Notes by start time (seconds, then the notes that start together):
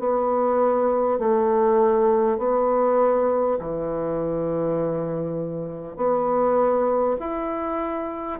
0.00 B3
1.19 A3
2.38 B3
3.59 E3
5.97 B3
7.20 E4